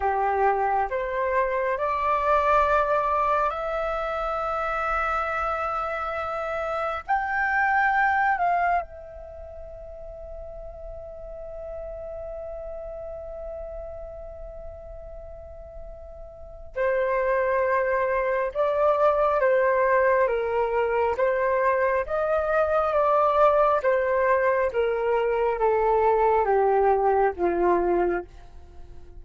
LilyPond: \new Staff \with { instrumentName = "flute" } { \time 4/4 \tempo 4 = 68 g'4 c''4 d''2 | e''1 | g''4. f''8 e''2~ | e''1~ |
e''2. c''4~ | c''4 d''4 c''4 ais'4 | c''4 dis''4 d''4 c''4 | ais'4 a'4 g'4 f'4 | }